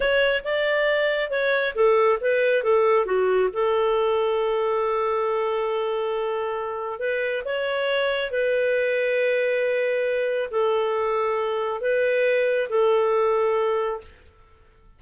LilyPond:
\new Staff \with { instrumentName = "clarinet" } { \time 4/4 \tempo 4 = 137 cis''4 d''2 cis''4 | a'4 b'4 a'4 fis'4 | a'1~ | a'1 |
b'4 cis''2 b'4~ | b'1 | a'2. b'4~ | b'4 a'2. | }